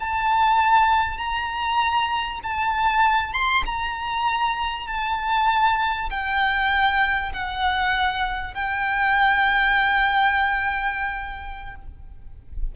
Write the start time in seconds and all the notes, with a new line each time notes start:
0.00 A5
1.17 A#5
2.43 A5
3.33 C6
3.66 A#5
4.87 A5
6.10 G5
7.33 F#5
8.54 G5